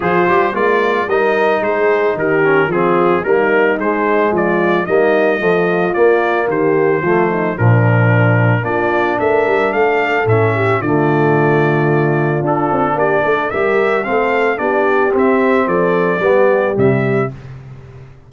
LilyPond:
<<
  \new Staff \with { instrumentName = "trumpet" } { \time 4/4 \tempo 4 = 111 c''4 d''4 dis''4 c''4 | ais'4 gis'4 ais'4 c''4 | d''4 dis''2 d''4 | c''2 ais'2 |
d''4 e''4 f''4 e''4 | d''2. a'4 | d''4 e''4 f''4 d''4 | e''4 d''2 e''4 | }
  \new Staff \with { instrumentName = "horn" } { \time 4/4 f'4 ais4 ais'4 gis'4 | g'4 f'4 dis'2 | f'4 dis'4 f'2 | g'4 f'8 dis'8 d'2 |
f'4 ais'4 a'4. g'8 | f'1 | g'8 a'8 ais'4 a'4 g'4~ | g'4 a'4 g'2 | }
  \new Staff \with { instrumentName = "trombone" } { \time 4/4 gis'8 g'8 f'4 dis'2~ | dis'8 cis'8 c'4 ais4 gis4~ | gis4 ais4 f4 ais4~ | ais4 a4 f2 |
d'2. cis'4 | a2. d'4~ | d'4 g'4 c'4 d'4 | c'2 b4 g4 | }
  \new Staff \with { instrumentName = "tuba" } { \time 4/4 f8 g8 gis4 g4 gis4 | dis4 f4 g4 gis4 | f4 g4 a4 ais4 | dis4 f4 ais,2 |
ais4 a8 g8 a4 a,4 | d2. d'8 c'8 | ais8 a8 g4 a4 b4 | c'4 f4 g4 c4 | }
>>